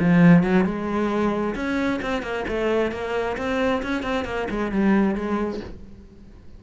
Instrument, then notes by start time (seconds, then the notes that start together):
cello
0.00 F3
0.44 F#3
0.65 G#3
1.55 C#4
2.03 C4
2.23 A#3
2.48 A3
2.92 A#3
3.38 C4
3.83 C#4
4.03 C4
4.25 A#3
4.51 G#3
4.72 G3
5.16 G#3